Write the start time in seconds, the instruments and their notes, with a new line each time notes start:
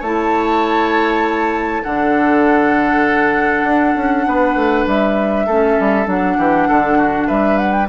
0.00 bassoon A3, clarinet E4, oboe C#5, flute A5
1.83 bassoon D3, clarinet D4, oboe A4, flute F#5
3.64 bassoon D4
3.96 bassoon C#4
4.27 bassoon B3, oboe B4
4.55 bassoon A3
4.86 bassoon G3, flute E5
5.46 bassoon A3, clarinet C#4, oboe A4
5.79 bassoon G3
6.05 bassoon F#3, clarinet D4, flute F#5
6.38 bassoon E3, oboe G4
6.68 bassoon D3, oboe A4
6.98 oboe F#4
7.27 bassoon G3, oboe B4, flute E5
7.58 flute F#5
7.72 flute G5